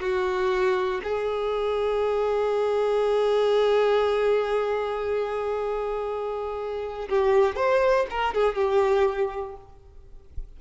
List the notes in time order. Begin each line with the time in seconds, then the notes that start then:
0.00 F#4
1.03 G#4
7.09 G4
7.56 C5
8.10 A#4
8.34 G#4
8.55 G4